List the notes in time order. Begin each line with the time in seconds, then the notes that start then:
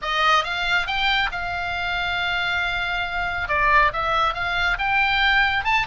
0.02 D#5
0.44 F5
0.86 G5
1.31 F5
3.48 D5
3.92 E5
4.34 F5
4.78 G5
5.64 A5